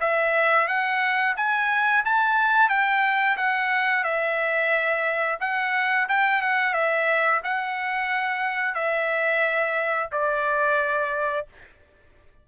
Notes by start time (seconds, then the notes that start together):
0.00 E5
0.67 F#5
1.36 G#5
2.05 A5
2.69 G5
3.36 F#5
4.03 E5
5.40 F#5
6.08 G5
6.41 F#5
6.73 E5
7.43 F#5
8.74 E5
10.12 D5